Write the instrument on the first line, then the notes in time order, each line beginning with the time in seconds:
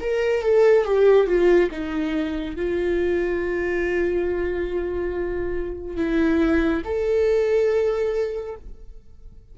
viola
0.00 A#4
0.42 A4
0.84 G4
1.27 F4
1.71 D#4
2.56 F4
5.96 E4
6.84 A4